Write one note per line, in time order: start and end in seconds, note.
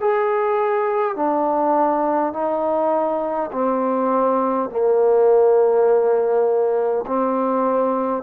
0.00 1.16 G#4
1.16 2.33 D4
2.33 3.50 D#4
3.52 4.70 C4
4.70 7.05 A#3
7.06 8.22 C4